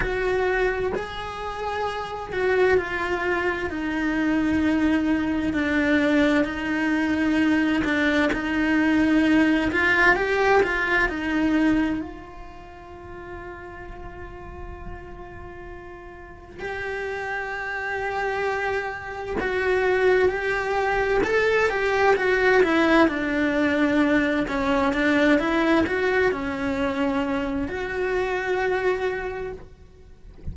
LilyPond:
\new Staff \with { instrumentName = "cello" } { \time 4/4 \tempo 4 = 65 fis'4 gis'4. fis'8 f'4 | dis'2 d'4 dis'4~ | dis'8 d'8 dis'4. f'8 g'8 f'8 | dis'4 f'2.~ |
f'2 g'2~ | g'4 fis'4 g'4 a'8 g'8 | fis'8 e'8 d'4. cis'8 d'8 e'8 | fis'8 cis'4. fis'2 | }